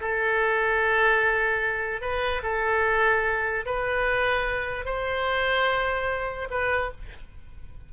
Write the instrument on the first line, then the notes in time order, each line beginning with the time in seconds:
oboe
0.00 A4
2.01 B4
2.42 A4
3.65 B4
4.85 C5
6.50 B4